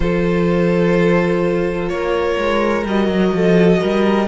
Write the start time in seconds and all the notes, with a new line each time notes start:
0.00 F3 F4 A4 C5
1.88 A#3 A#4 C#5
2.37 G#3
2.84 G3 F#4 D#5
3.07 F#3
3.32 F3 A4
3.80 G3 A#4